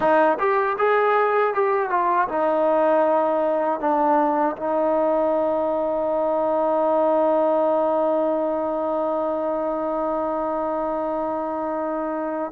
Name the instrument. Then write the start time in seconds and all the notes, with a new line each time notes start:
trombone
0.00 D#4
0.39 G4
0.78 G#4
1.54 G4
1.90 F4
2.28 D#4
3.80 D4
4.56 D#4